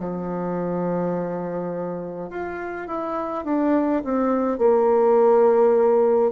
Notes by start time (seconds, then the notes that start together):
0.00 F3
2.30 F4
2.88 E4
3.45 D4
4.05 C4
4.58 A#3